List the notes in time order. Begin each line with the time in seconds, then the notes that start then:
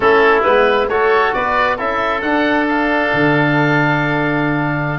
0.00 A3 C#4 E4 A4
0.43 G#3 B3 B4
0.89 A3 F#4 A4 C#5
1.33 B3 B4 D5
1.76 C#4 E4 A4 E5
2.21 D4 F#5
2.68 F5
3.13 D3